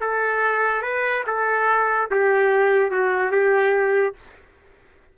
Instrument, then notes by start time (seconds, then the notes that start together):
trumpet
0.00 A4
0.82 B4
1.26 A4
2.10 G4
2.91 F#4
3.31 G4